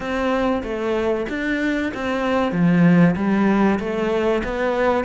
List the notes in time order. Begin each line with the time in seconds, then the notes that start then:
0.00 C4
0.63 A3
1.29 D4
1.93 C4
2.52 F3
3.16 G3
3.79 A3
4.44 B3